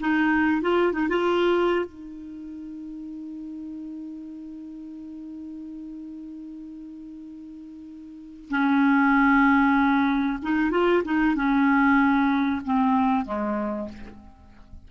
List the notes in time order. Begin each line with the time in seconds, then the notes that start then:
0.00 D#4
0.61 F4
0.93 D#4
1.09 F4
1.85 D#4
8.49 C#4
10.42 D#4
10.71 F4
11.05 D#4
11.35 C#4
12.65 C4
13.25 G#3